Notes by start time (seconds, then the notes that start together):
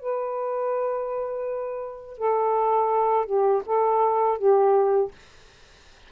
0.00 B4
2.18 A4
3.26 G4
3.66 A4
4.38 G4